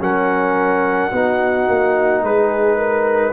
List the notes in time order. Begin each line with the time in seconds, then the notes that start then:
0.00 F#3 C#4 A#4 F#5
1.11 B3 D#4 F#4
1.68 A#3
2.22 G#3 G#4 B4
2.76 A#4